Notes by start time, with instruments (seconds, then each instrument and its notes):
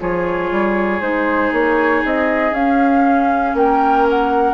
0.00 bassoon F3, clarinet F4, oboe G#4, flute C#5
0.51 bassoon G3
1.01 bassoon G#3, clarinet D#4, flute C5
1.52 bassoon A#3, flute C#5
2.05 bassoon C4, flute D#5
2.51 bassoon C#4, clarinet C#4, flute F5
3.54 bassoon A#3, oboe A#4, flute G5
4.10 flute F#5